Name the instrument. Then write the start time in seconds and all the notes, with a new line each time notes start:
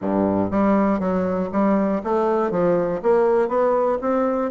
bassoon
0.01 G2
0.50 G3
0.99 F#3
1.52 G3
2.03 A3
2.50 F3
3.02 A#3
3.48 B3
4.01 C4